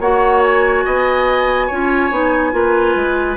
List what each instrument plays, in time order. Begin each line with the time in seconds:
0.00 bassoon A#3, clarinet F#4, oboe C#5, flute F#5
0.43 flute G#5
0.85 bassoon B3, oboe D#5
1.67 bassoon C#4, clarinet F4, oboe C#5
2.11 bassoon B3, clarinet D#4
2.52 bassoon A#3, clarinet F4, oboe B4
2.96 bassoon G#3